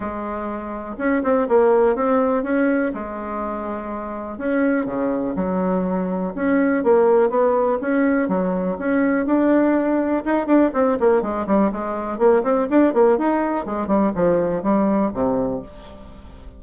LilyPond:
\new Staff \with { instrumentName = "bassoon" } { \time 4/4 \tempo 4 = 123 gis2 cis'8 c'8 ais4 | c'4 cis'4 gis2~ | gis4 cis'4 cis4 fis4~ | fis4 cis'4 ais4 b4 |
cis'4 fis4 cis'4 d'4~ | d'4 dis'8 d'8 c'8 ais8 gis8 g8 | gis4 ais8 c'8 d'8 ais8 dis'4 | gis8 g8 f4 g4 c4 | }